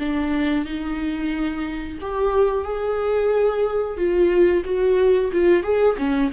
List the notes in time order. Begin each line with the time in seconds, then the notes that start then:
0.00 D4
0.66 D#4
2.01 G4
2.65 G#4
3.98 F4
4.65 F#4
5.33 F4
5.64 G#4
5.98 C#4